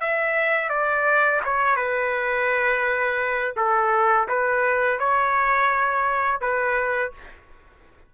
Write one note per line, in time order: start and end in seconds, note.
0.00 0.69 E5
0.69 1.41 D5
1.45 1.76 C#5
1.76 3.55 B4
3.56 4.28 A4
4.28 4.99 B4
4.99 6.41 C#5
6.41 7.12 B4